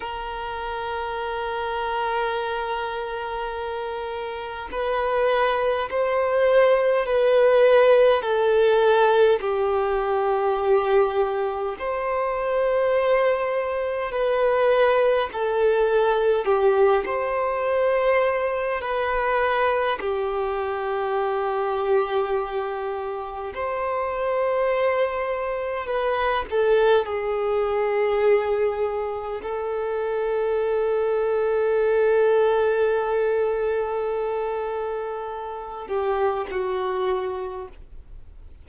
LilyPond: \new Staff \with { instrumentName = "violin" } { \time 4/4 \tempo 4 = 51 ais'1 | b'4 c''4 b'4 a'4 | g'2 c''2 | b'4 a'4 g'8 c''4. |
b'4 g'2. | c''2 b'8 a'8 gis'4~ | gis'4 a'2.~ | a'2~ a'8 g'8 fis'4 | }